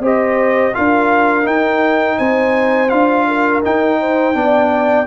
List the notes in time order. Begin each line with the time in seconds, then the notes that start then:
0.00 C4 G4 C5 D#5
0.73 D4 F4 A#4 F5
1.43 D#4 G5
2.18 C4 C5 G#5
2.89 D4 F4 F5
3.28 A#4
3.64 D#4 G5
4.00 C5
4.34 B3 D4 D5